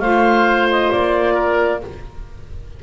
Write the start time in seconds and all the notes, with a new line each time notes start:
0.00 A3 F4 C5 F5
0.71 D#5
0.92 A#3 D5
1.34 A#4